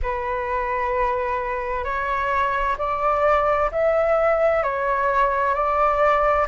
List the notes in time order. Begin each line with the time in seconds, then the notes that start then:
0.02 B4
1.84 C#5
2.77 D5
3.71 E5
4.63 C#5
5.54 D5